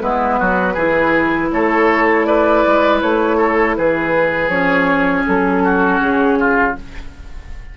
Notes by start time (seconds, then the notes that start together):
0.00 G#3 B3 E4 B4
0.39 F#3 F#4
0.73 E3 E4 G#4
1.51 A3 A4 C#5
2.25 B4 D5
2.66 G#3
3.01 A3 C#5
3.37 A4
3.77 E3 G#4 B4
4.49 F3 C#4 C#5
5.27 F#3 A4
5.63 F#4
6.00 C#3 G#4
6.39 F4